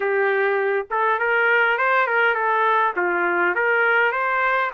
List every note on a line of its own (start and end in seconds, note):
0.00 0.86 G4
0.90 1.19 A4
1.19 1.78 A#4
1.78 2.06 C5
2.06 2.34 A#4
2.34 2.93 A4
2.96 3.55 F4
3.55 4.11 A#4
4.11 4.70 C5